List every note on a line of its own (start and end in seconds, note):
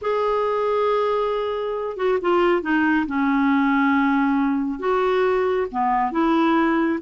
0.01 1.96 G#4
1.96 2.18 F#4
2.21 2.62 F4
2.62 3.06 D#4
3.06 4.79 C#4
4.79 5.66 F#4
5.71 6.11 B3
6.11 6.99 E4